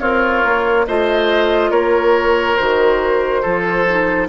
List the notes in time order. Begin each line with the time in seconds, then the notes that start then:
0.00 C4 F4 A#4 C#5
0.44 A#3
0.86 A3 F4 C5 D#5
1.70 A#3 A#4 C#5
2.56 D#3 F#4 C5
3.42 F3 F4 A4
3.87 D#4